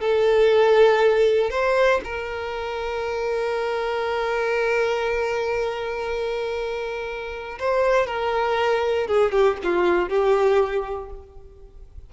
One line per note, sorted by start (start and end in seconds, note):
0.00 1.50 A4
1.50 2.01 C5
2.04 7.58 A#4
7.59 8.06 C5
8.06 9.07 A#4
9.07 9.32 G#4
9.32 9.57 G4
9.63 10.09 F4
10.09 11.10 G4